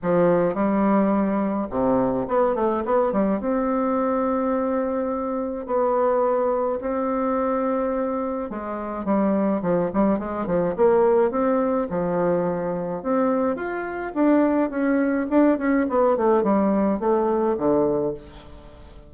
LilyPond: \new Staff \with { instrumentName = "bassoon" } { \time 4/4 \tempo 4 = 106 f4 g2 c4 | b8 a8 b8 g8 c'2~ | c'2 b2 | c'2. gis4 |
g4 f8 g8 gis8 f8 ais4 | c'4 f2 c'4 | f'4 d'4 cis'4 d'8 cis'8 | b8 a8 g4 a4 d4 | }